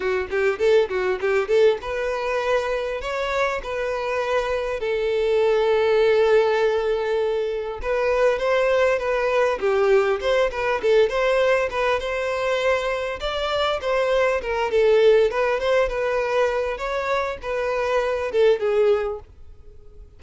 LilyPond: \new Staff \with { instrumentName = "violin" } { \time 4/4 \tempo 4 = 100 fis'8 g'8 a'8 fis'8 g'8 a'8 b'4~ | b'4 cis''4 b'2 | a'1~ | a'4 b'4 c''4 b'4 |
g'4 c''8 b'8 a'8 c''4 b'8 | c''2 d''4 c''4 | ais'8 a'4 b'8 c''8 b'4. | cis''4 b'4. a'8 gis'4 | }